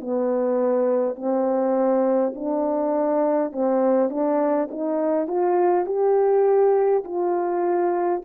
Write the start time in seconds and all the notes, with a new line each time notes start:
0.00 B3
1.16 C4
2.35 D4
3.52 C4
4.10 D4
4.70 D#4
5.27 F4
5.86 G4
7.04 F4